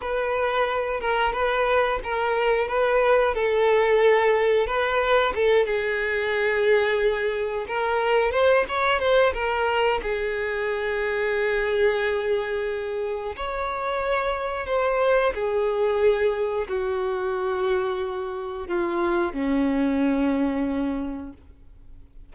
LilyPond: \new Staff \with { instrumentName = "violin" } { \time 4/4 \tempo 4 = 90 b'4. ais'8 b'4 ais'4 | b'4 a'2 b'4 | a'8 gis'2. ais'8~ | ais'8 c''8 cis''8 c''8 ais'4 gis'4~ |
gis'1 | cis''2 c''4 gis'4~ | gis'4 fis'2. | f'4 cis'2. | }